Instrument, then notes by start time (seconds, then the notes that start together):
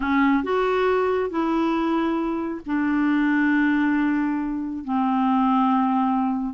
clarinet
0.00 C#4
0.43 F#4
1.30 E4
2.66 D4
4.84 C4